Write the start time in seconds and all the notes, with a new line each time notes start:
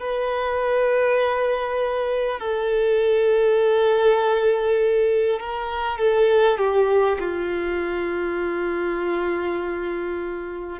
0.00 B4
2.39 A4
5.39 A#4
5.98 A4
6.58 G4
7.19 F4